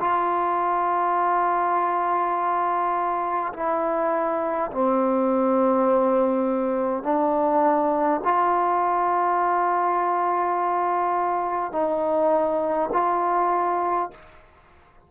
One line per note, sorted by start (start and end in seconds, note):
0.00 3.53 F4
3.53 4.71 E4
4.71 7.03 C4
7.03 8.21 D4
8.24 11.72 F4
11.72 12.90 D#4
12.93 14.11 F4